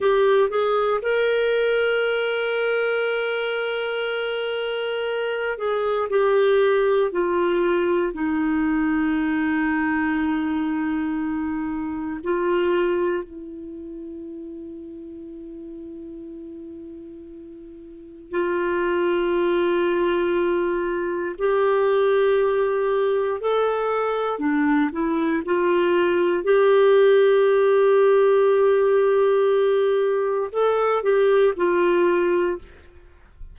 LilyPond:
\new Staff \with { instrumentName = "clarinet" } { \time 4/4 \tempo 4 = 59 g'8 gis'8 ais'2.~ | ais'4. gis'8 g'4 f'4 | dis'1 | f'4 e'2.~ |
e'2 f'2~ | f'4 g'2 a'4 | d'8 e'8 f'4 g'2~ | g'2 a'8 g'8 f'4 | }